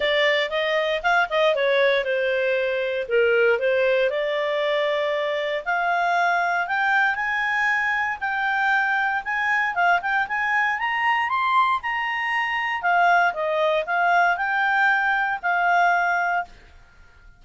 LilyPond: \new Staff \with { instrumentName = "clarinet" } { \time 4/4 \tempo 4 = 117 d''4 dis''4 f''8 dis''8 cis''4 | c''2 ais'4 c''4 | d''2. f''4~ | f''4 g''4 gis''2 |
g''2 gis''4 f''8 g''8 | gis''4 ais''4 c'''4 ais''4~ | ais''4 f''4 dis''4 f''4 | g''2 f''2 | }